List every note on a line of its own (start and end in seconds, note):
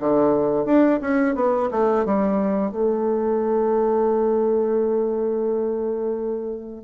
0.00 0.66 D3
0.66 1.00 D4
1.01 1.35 C#4
1.35 1.70 B3
1.71 2.06 A3
2.06 2.72 G3
2.72 6.85 A3